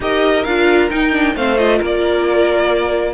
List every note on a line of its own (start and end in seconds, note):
0.00 0.44 D#4
0.00 0.46 G4
0.00 1.35 A#4
0.00 0.44 D#5
0.44 0.90 D4
0.44 0.90 F4
0.44 0.89 F5
0.90 1.12 D#4
0.90 1.35 D#4
0.90 1.35 G5
1.12 1.34 D4
1.35 1.80 A3
1.35 1.57 C4
1.35 1.78 C5
1.35 1.57 F5
1.57 3.13 F4
1.57 1.80 D#5
1.78 3.13 A#3
1.78 3.13 A#4
1.85 3.13 D5